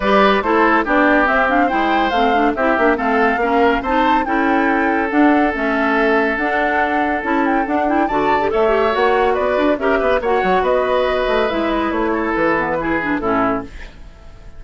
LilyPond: <<
  \new Staff \with { instrumentName = "flute" } { \time 4/4 \tempo 4 = 141 d''4 c''4 d''4 e''8 f''8 | g''4 f''4 e''4 f''4~ | f''4 a''4 g''2 | fis''4 e''2 fis''4~ |
fis''4 a''8 g''8 fis''8 g''8 a''4 | e''4 fis''4 d''4 e''4 | fis''4 dis''2 e''8 dis''8 | cis''4 b'2 a'4 | }
  \new Staff \with { instrumentName = "oboe" } { \time 4/4 b'4 a'4 g'2 | c''2 g'4 a'4 | ais'4 c''4 a'2~ | a'1~ |
a'2. d''4 | cis''2 b'4 ais'8 b'8 | cis''4 b'2.~ | b'8 a'4. gis'4 e'4 | }
  \new Staff \with { instrumentName = "clarinet" } { \time 4/4 g'4 e'4 d'4 c'8 d'8 | e'4 c'8 d'8 e'8 d'8 c'4 | cis'4 dis'4 e'2 | d'4 cis'2 d'4~ |
d'4 e'4 d'8 e'8 fis'8. g'16 | a'8 g'8 fis'2 g'4 | fis'2. e'4~ | e'4. b8 e'8 d'8 cis'4 | }
  \new Staff \with { instrumentName = "bassoon" } { \time 4/4 g4 a4 b4 c'4 | gis4 a4 c'8 ais8 a4 | ais4 c'4 cis'2 | d'4 a2 d'4~ |
d'4 cis'4 d'4 d4 | a4 ais4 b8 d'8 cis'8 b8 | ais8 fis8 b4. a8 gis4 | a4 e2 a,4 | }
>>